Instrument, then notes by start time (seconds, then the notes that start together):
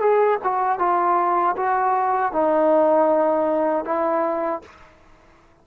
trombone
0.00 G#4
0.43 F#4
0.79 F4
1.56 F#4
2.33 D#4
3.85 E4